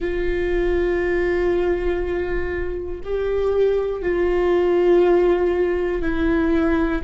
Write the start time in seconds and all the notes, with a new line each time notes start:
0.00 F4
3.03 G4
4.01 F4
6.01 E4